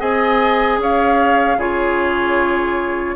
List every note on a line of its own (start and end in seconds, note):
0.00 0.78 C4
0.00 1.58 G#4
0.00 0.79 D#5
0.00 0.80 G#5
0.78 1.57 C#4
0.78 1.58 C#5
0.78 1.60 F5
1.58 3.16 C#3
1.58 3.16 F4
1.58 3.16 G#4
1.58 3.16 C#5